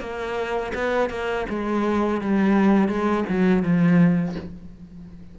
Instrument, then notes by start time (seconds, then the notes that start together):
cello
0.00 A#3
0.74 B3
1.10 A#3
1.49 G#3
2.21 G3
2.88 G#3
3.29 F#3
3.63 F3